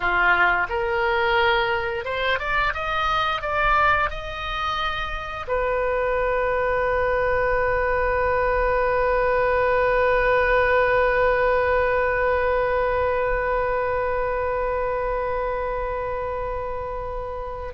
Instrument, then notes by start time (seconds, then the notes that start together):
oboe
0.00 F4
0.68 A#4
2.05 C5
2.39 D5
2.73 D#5
3.41 D5
4.09 D#5
5.47 B4